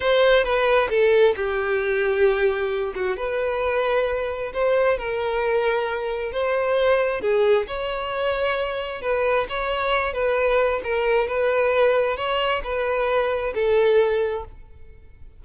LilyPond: \new Staff \with { instrumentName = "violin" } { \time 4/4 \tempo 4 = 133 c''4 b'4 a'4 g'4~ | g'2~ g'8 fis'8 b'4~ | b'2 c''4 ais'4~ | ais'2 c''2 |
gis'4 cis''2. | b'4 cis''4. b'4. | ais'4 b'2 cis''4 | b'2 a'2 | }